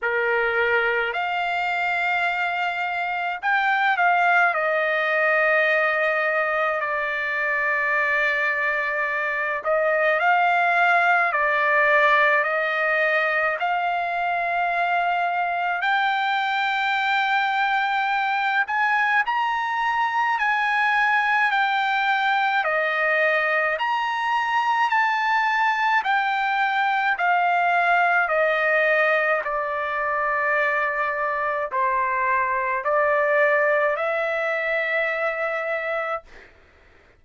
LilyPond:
\new Staff \with { instrumentName = "trumpet" } { \time 4/4 \tempo 4 = 53 ais'4 f''2 g''8 f''8 | dis''2 d''2~ | d''8 dis''8 f''4 d''4 dis''4 | f''2 g''2~ |
g''8 gis''8 ais''4 gis''4 g''4 | dis''4 ais''4 a''4 g''4 | f''4 dis''4 d''2 | c''4 d''4 e''2 | }